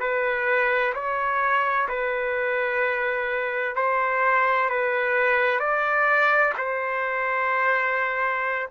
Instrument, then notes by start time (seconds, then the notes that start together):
trumpet
0.00 B4
0.94 C#5
1.88 B4
3.76 C5
4.70 B4
5.60 D5
6.58 C5